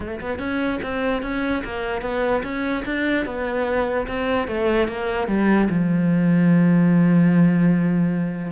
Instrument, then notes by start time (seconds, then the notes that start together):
cello
0.00 A3
0.20 B3
0.39 C#4
0.82 C4
1.22 C#4
1.64 A#3
2.01 B3
2.43 C#4
2.85 D4
3.25 B3
4.07 C4
4.47 A3
4.88 A#3
5.27 G3
5.69 F3